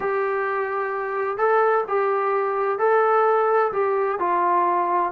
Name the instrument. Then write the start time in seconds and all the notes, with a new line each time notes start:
trombone
0.00 G4
1.37 A4
1.88 G4
2.78 A4
3.72 G4
4.19 F4